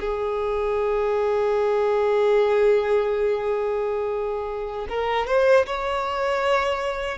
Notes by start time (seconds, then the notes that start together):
0.00 G#4
4.89 A#4
5.27 C5
5.66 C#5